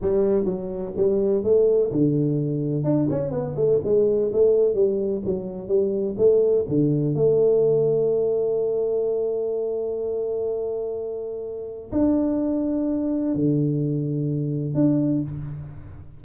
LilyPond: \new Staff \with { instrumentName = "tuba" } { \time 4/4 \tempo 4 = 126 g4 fis4 g4 a4 | d2 d'8 cis'8 b8 a8 | gis4 a4 g4 fis4 | g4 a4 d4 a4~ |
a1~ | a1~ | a4 d'2. | d2. d'4 | }